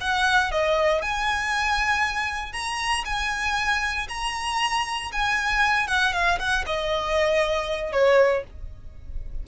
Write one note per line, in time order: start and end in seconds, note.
0.00 0.51 F#5
0.51 1.01 D#5
1.01 2.52 G#5
2.52 3.04 A#5
3.05 4.07 G#5
4.08 5.11 A#5
5.12 5.87 G#5
5.87 6.13 F#5
6.13 6.38 F5
6.38 6.64 F#5
6.66 7.92 D#5
7.92 8.43 C#5